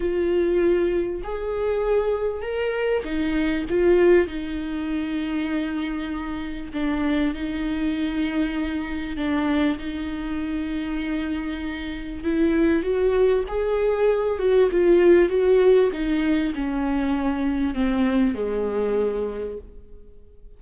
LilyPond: \new Staff \with { instrumentName = "viola" } { \time 4/4 \tempo 4 = 98 f'2 gis'2 | ais'4 dis'4 f'4 dis'4~ | dis'2. d'4 | dis'2. d'4 |
dis'1 | e'4 fis'4 gis'4. fis'8 | f'4 fis'4 dis'4 cis'4~ | cis'4 c'4 gis2 | }